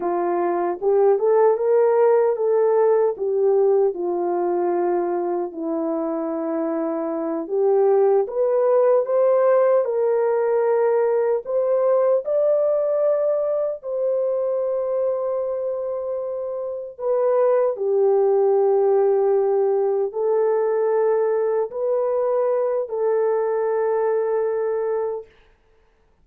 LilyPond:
\new Staff \with { instrumentName = "horn" } { \time 4/4 \tempo 4 = 76 f'4 g'8 a'8 ais'4 a'4 | g'4 f'2 e'4~ | e'4. g'4 b'4 c''8~ | c''8 ais'2 c''4 d''8~ |
d''4. c''2~ c''8~ | c''4. b'4 g'4.~ | g'4. a'2 b'8~ | b'4 a'2. | }